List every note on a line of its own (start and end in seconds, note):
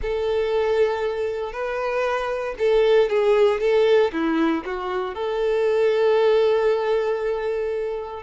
0.02 1.52 A4
1.52 2.54 B4
2.58 3.09 A4
3.09 3.60 G#4
3.60 4.11 A4
4.12 4.63 E4
4.65 5.14 F#4
5.14 8.22 A4